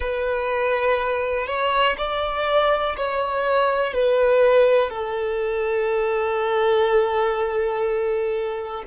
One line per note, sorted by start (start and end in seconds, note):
0.00 1.47 B4
1.47 1.96 C#5
1.97 2.96 D5
2.96 3.93 C#5
3.93 4.90 B4
4.90 8.83 A4